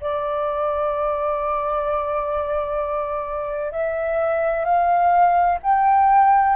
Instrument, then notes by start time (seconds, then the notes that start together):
flute
0.00 D5
3.72 E5
4.64 F5
5.62 G5